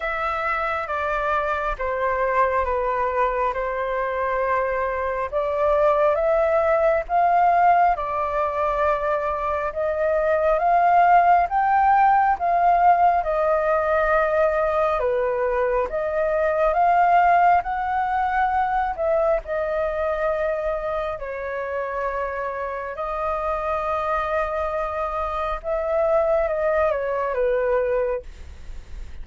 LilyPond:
\new Staff \with { instrumentName = "flute" } { \time 4/4 \tempo 4 = 68 e''4 d''4 c''4 b'4 | c''2 d''4 e''4 | f''4 d''2 dis''4 | f''4 g''4 f''4 dis''4~ |
dis''4 b'4 dis''4 f''4 | fis''4. e''8 dis''2 | cis''2 dis''2~ | dis''4 e''4 dis''8 cis''8 b'4 | }